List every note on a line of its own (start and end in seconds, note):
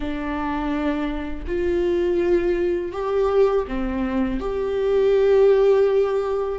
0.00 1.45 D4
1.46 2.91 F4
2.91 3.65 G4
3.67 4.39 C4
4.39 6.58 G4